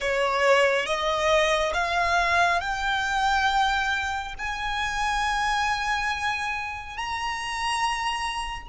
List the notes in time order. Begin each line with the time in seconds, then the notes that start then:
0.00 C#5
0.85 D#5
1.73 F5
2.60 G5
4.38 G#5
6.97 A#5